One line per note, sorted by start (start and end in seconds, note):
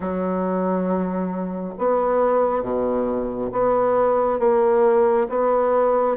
0.00 1.74 F#3
1.78 2.62 B3
2.62 3.51 B2
3.51 4.39 B3
4.39 5.27 A#3
5.29 6.16 B3